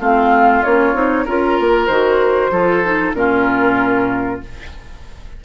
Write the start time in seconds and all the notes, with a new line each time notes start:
0.00 A3 C4 F4 F5
0.64 A#3 C#4 C#5
0.94 C4 D#4
1.25 C#4 F4 A#4
1.60 A#3
1.87 D#3 F#4 C5
2.51 F3 F4 A4
2.84 D#4
3.14 A#2 C#4 F4 A#4